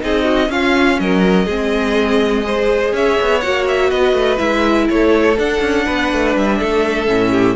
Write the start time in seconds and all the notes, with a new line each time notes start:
0.00 C4 D#4 G#4 D#5
0.24 F#4
0.49 C#4 F4 F5
1.00 F#3 A#4 D#5
1.46 G#3 C4 G#4
2.44 G#4 C5
2.93 C#4 C#5 E5
3.21 B3
3.41 A#3 F#4 F#5
3.68 E5
3.90 B3 B4 D#5
4.14 A3
4.38 G#3 E4 E5
4.90 A3 A4 C#5
5.38 D4 F#5
5.62 C#4
5.85 B3 B4
6.13 A3
6.37 G3 E5
6.60 A3 A4
7.08 A2 C#4
7.32 G4